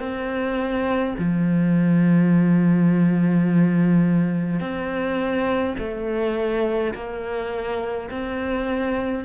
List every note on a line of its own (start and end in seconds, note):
0.00 1.15 C4
1.19 4.60 F3
4.60 5.75 C4
5.79 6.94 A3
6.94 8.10 A#3
8.11 9.25 C4